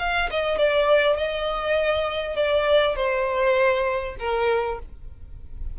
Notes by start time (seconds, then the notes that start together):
0.00 F5
0.31 D#5
0.58 D5
1.17 D#5
2.36 D5
2.96 C5
4.19 A#4